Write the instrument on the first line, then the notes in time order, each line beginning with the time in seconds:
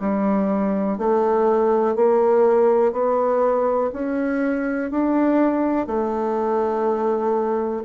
bassoon
0.00 G3
0.97 A3
1.95 A#3
2.92 B3
3.93 C#4
4.90 D4
5.86 A3